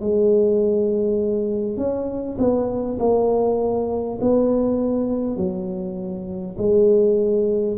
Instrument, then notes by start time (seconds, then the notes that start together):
tuba
0.00 G#3
1.77 C#4
2.38 B3
2.99 A#3
4.21 B3
5.36 F#3
6.58 G#3